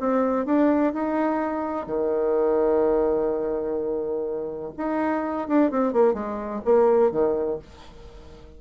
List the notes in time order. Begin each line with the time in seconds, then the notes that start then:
0.00 C4
0.45 D4
0.93 D#4
1.86 D#3
4.77 D#4
5.48 D4
5.71 C4
5.93 A#3
6.13 G#3
6.65 A#3
7.11 D#3